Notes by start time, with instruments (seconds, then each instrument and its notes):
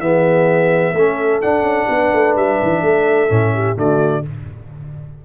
0.00 tuba E3, trombone B3, horn G#4, trumpet E5
0.94 tuba A3, trombone C#4, horn A4
1.42 trombone D4, tuba D4, trumpet F#5
1.63 tuba C#4
1.88 tuba B3, horn B4
2.13 tuba A3
2.36 tuba G3, trumpet E5
2.63 tuba E3
2.82 tuba A3, horn A4
3.29 tuba A2, trombone C#4
3.54 horn G4
3.76 tuba D3, trombone A3, horn F#4, trumpet D5